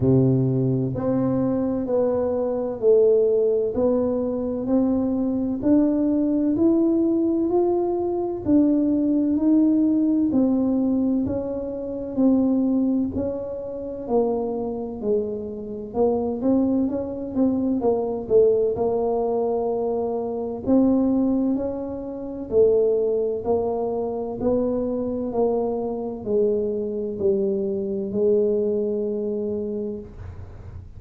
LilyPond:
\new Staff \with { instrumentName = "tuba" } { \time 4/4 \tempo 4 = 64 c4 c'4 b4 a4 | b4 c'4 d'4 e'4 | f'4 d'4 dis'4 c'4 | cis'4 c'4 cis'4 ais4 |
gis4 ais8 c'8 cis'8 c'8 ais8 a8 | ais2 c'4 cis'4 | a4 ais4 b4 ais4 | gis4 g4 gis2 | }